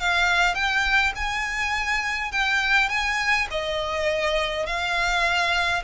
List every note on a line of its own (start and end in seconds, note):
0.00 0.55 F5
0.55 1.13 G5
1.15 2.32 G#5
2.32 2.89 G5
2.89 3.47 G#5
3.51 4.66 D#5
4.66 5.83 F5